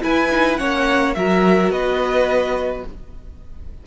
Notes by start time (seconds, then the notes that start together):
0.00 E4 B4 G#5
0.30 D#4
0.56 A#3 C#4 C#5 F#5
1.14 F#3 F#4 A#4 E5
1.70 B3 B4 D#5